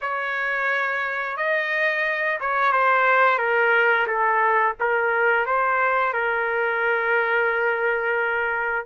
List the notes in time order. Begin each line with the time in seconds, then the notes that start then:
0.01 C#5
1.36 D#5
2.40 C#5
2.72 C5
3.38 A#4
4.07 A4
4.79 A#4
5.45 C5
6.13 A#4